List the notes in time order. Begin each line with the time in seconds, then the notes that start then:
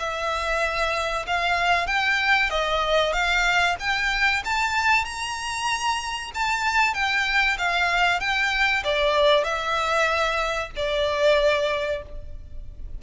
0.00 E5
1.27 F5
1.87 G5
2.51 D#5
3.13 F5
3.80 G5
4.45 A5
5.06 A#5
6.35 A5
6.95 G5
7.58 F5
8.21 G5
8.85 D5
9.45 E5
10.77 D5